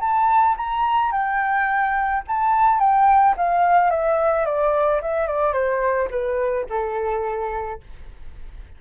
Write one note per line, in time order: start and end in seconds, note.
0.00 0.56 A5
0.57 1.12 A#5
1.12 2.23 G5
2.27 2.79 A5
2.79 3.35 G5
3.36 3.90 F5
3.90 4.45 E5
4.45 5.01 D5
5.02 5.27 E5
5.27 5.53 D5
5.53 6.08 C5
6.10 6.66 B4
6.69 7.80 A4